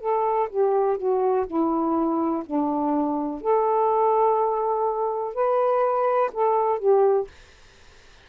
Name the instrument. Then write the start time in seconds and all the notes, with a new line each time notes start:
saxophone
0.00 A4
0.49 G4
0.97 F#4
1.46 E4
2.46 D4
3.41 A4
5.34 B4
6.33 A4
6.79 G4